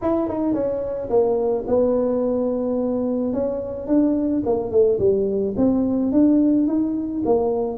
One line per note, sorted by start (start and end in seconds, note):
0.01 0.28 E4
0.28 0.53 D#4
0.53 1.09 C#4
1.09 1.65 A#3
1.67 3.33 B3
3.33 3.87 C#4
3.87 4.42 D4
4.45 4.71 A#3
4.71 4.98 A3
4.99 5.55 G3
5.57 6.12 C4
6.12 6.67 D4
6.67 7.22 D#4
7.25 7.77 A#3